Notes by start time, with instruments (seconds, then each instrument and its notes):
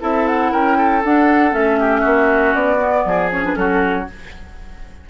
0.00 bassoon C4, clarinet E4, oboe A4, flute E5
0.27 flute F#5
0.51 bassoon C#4, oboe A#4, flute G5
0.77 oboe A4
1.03 clarinet D4, bassoon D4, flute F#5
1.51 bassoon A3, clarinet C#4, flute E5
1.79 oboe G4
2.00 bassoon A#3, oboe F#4
2.53 bassoon B3, flute D5
2.79 clarinet B3
3.05 bassoon F3, oboe G#4
3.31 clarinet C#4, flute C#5
3.44 clarinet D4, flute B4
3.54 bassoon F#3, clarinet C#4, oboe F#4, flute A4